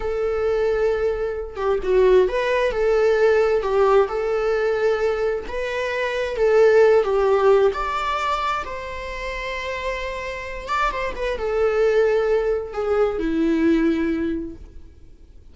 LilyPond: \new Staff \with { instrumentName = "viola" } { \time 4/4 \tempo 4 = 132 a'2.~ a'8 g'8 | fis'4 b'4 a'2 | g'4 a'2. | b'2 a'4. g'8~ |
g'4 d''2 c''4~ | c''2.~ c''8 d''8 | c''8 b'8 a'2. | gis'4 e'2. | }